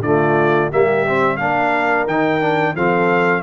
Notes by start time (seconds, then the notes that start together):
0.00 D3 A3 F4 D5
0.70 G3 A#3 G4 E5
1.06 C4
1.37 A#3 D4 A#4 F5
2.06 D#3 D#4 G5
2.41 D4
2.74 F3 C4 A4 F5